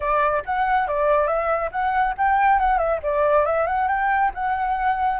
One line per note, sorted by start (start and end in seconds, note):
0.00 0.43 D5
0.45 0.87 F#5
0.87 1.27 D5
1.27 1.70 E5
1.71 2.14 F#5
2.17 2.59 G5
2.59 2.78 F#5
2.78 2.99 E5
3.02 3.45 D5
3.45 3.66 E5
3.66 3.88 F#5
3.88 4.31 G5
4.34 5.20 F#5